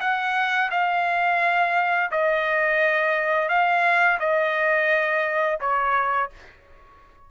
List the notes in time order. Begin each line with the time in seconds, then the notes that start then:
0.00 F#5
0.71 F5
2.11 D#5
3.49 F5
4.20 D#5
5.60 C#5